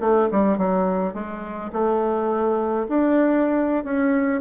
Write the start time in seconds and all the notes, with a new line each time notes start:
0.00 A3
0.31 G3
0.57 F#3
1.14 G#3
1.72 A3
2.88 D4
3.84 C#4